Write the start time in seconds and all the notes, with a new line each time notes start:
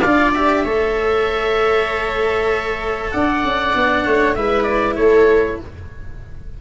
0.00 D4 D5 F5
0.07 F4
0.33 G4 E5
0.64 A3 A4 C#5
3.11 D4 D5 F#5
3.44 C#4
3.73 B3 D4
4.05 A3 C#5
4.35 G#3 E4 B4 E5
4.63 D5
4.95 A3 A4 C#5